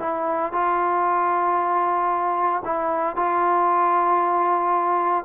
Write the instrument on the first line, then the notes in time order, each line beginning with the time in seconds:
trombone
0.00 E4
0.53 F4
2.65 E4
3.16 F4